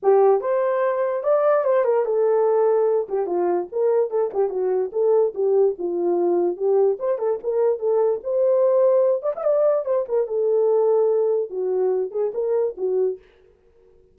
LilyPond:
\new Staff \with { instrumentName = "horn" } { \time 4/4 \tempo 4 = 146 g'4 c''2 d''4 | c''8 ais'8 a'2~ a'8 g'8 | f'4 ais'4 a'8 g'8 fis'4 | a'4 g'4 f'2 |
g'4 c''8 a'8 ais'4 a'4 | c''2~ c''8 d''16 e''16 d''4 | c''8 ais'8 a'2. | fis'4. gis'8 ais'4 fis'4 | }